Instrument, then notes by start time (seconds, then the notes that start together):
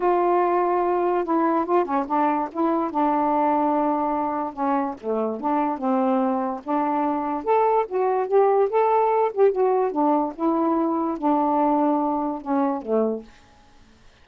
saxophone
0.00 F4
1.24 E4
1.65 F4
1.84 C#4
2.07 D4
2.52 E4
2.90 D4
4.53 C#4
5.00 A3
5.40 D4
5.78 C4
6.63 D4
7.44 A4
7.87 F#4
8.27 G4
8.69 A4
9.33 G4
9.51 F#4
9.91 D4
10.35 E4
11.18 D4
12.41 C#4
12.82 A3